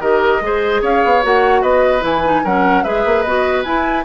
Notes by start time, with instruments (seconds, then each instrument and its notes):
0.00 bassoon D#3, clarinet G4, oboe A#4, flute D#5
0.40 bassoon G#3, clarinet G#4, oboe C5
0.81 bassoon C#4, oboe C#5, flute F5
1.04 bassoon B3
1.22 bassoon A#3, clarinet F#4, flute F#5
1.61 bassoon B3, oboe B4, flute D#5
2.00 bassoon E3, clarinet E4, flute G#5
2.24 clarinet D#4
2.44 bassoon F#3, clarinet C#4, oboe A#4, flute F#5
2.83 bassoon G#3, clarinet G#4, oboe B4, flute E5
3.05 bassoon A#3
3.22 bassoon B3, clarinet F#4, flute D#5
3.63 bassoon E4, clarinet E4, flute G#5